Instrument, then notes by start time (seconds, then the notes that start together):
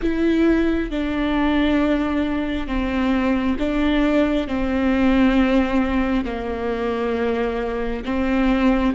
viola
0.02 E4
0.90 D4
2.67 C4
3.58 D4
4.47 C4
6.24 A#3
8.04 C4